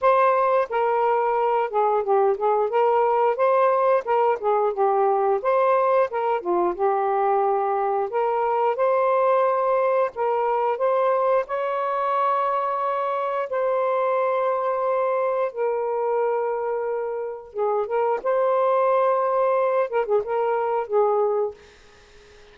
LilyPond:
\new Staff \with { instrumentName = "saxophone" } { \time 4/4 \tempo 4 = 89 c''4 ais'4. gis'8 g'8 gis'8 | ais'4 c''4 ais'8 gis'8 g'4 | c''4 ais'8 f'8 g'2 | ais'4 c''2 ais'4 |
c''4 cis''2. | c''2. ais'4~ | ais'2 gis'8 ais'8 c''4~ | c''4. ais'16 gis'16 ais'4 gis'4 | }